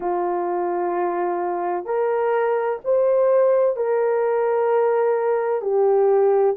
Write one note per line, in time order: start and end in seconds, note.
0.00 1.85 F4
1.85 2.79 A#4
2.84 3.76 C5
3.76 5.61 A#4
5.61 6.55 G4